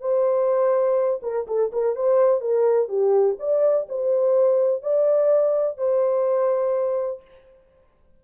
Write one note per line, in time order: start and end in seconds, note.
0.00 1.20 C5
1.22 1.46 A#4
1.47 1.71 A4
1.72 1.95 A#4
1.95 2.41 C5
2.41 2.88 A#4
2.88 3.36 G4
3.39 3.87 D5
3.89 4.82 C5
4.82 5.77 D5
5.77 7.21 C5